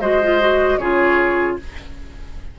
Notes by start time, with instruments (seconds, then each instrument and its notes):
0.00 bassoon G#3, clarinet F#4, oboe C5, flute D#5
0.23 clarinet F4
0.40 clarinet F#4
0.79 bassoon C#3, clarinet F4, oboe G#4, flute C#5